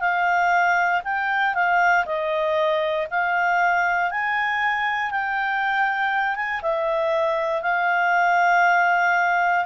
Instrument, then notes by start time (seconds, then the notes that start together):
clarinet
0.00 F5
1.04 G5
1.54 F5
2.06 D#5
3.11 F5
4.11 G#5
5.11 G5
6.36 G#5
6.62 E5
7.62 F5